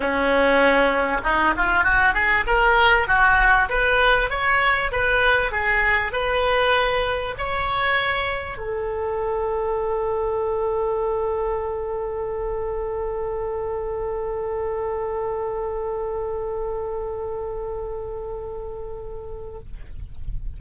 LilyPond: \new Staff \with { instrumentName = "oboe" } { \time 4/4 \tempo 4 = 98 cis'2 dis'8 f'8 fis'8 gis'8 | ais'4 fis'4 b'4 cis''4 | b'4 gis'4 b'2 | cis''2 a'2~ |
a'1~ | a'1~ | a'1~ | a'1 | }